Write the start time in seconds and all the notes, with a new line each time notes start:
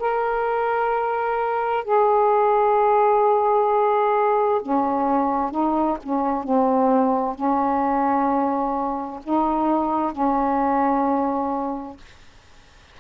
0.00 A#4
1.85 G#4
4.62 C#4
5.51 D#4
6.03 C#4
6.44 C4
7.36 C#4
9.24 D#4
10.12 C#4